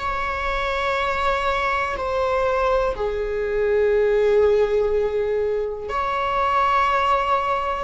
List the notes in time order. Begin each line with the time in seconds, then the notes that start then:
0.00 C#5
1.97 C5
2.96 G#4
5.89 C#5